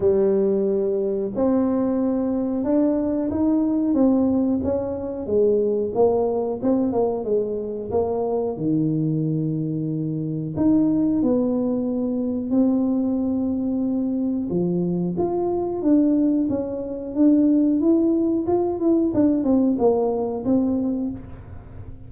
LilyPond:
\new Staff \with { instrumentName = "tuba" } { \time 4/4 \tempo 4 = 91 g2 c'2 | d'4 dis'4 c'4 cis'4 | gis4 ais4 c'8 ais8 gis4 | ais4 dis2. |
dis'4 b2 c'4~ | c'2 f4 f'4 | d'4 cis'4 d'4 e'4 | f'8 e'8 d'8 c'8 ais4 c'4 | }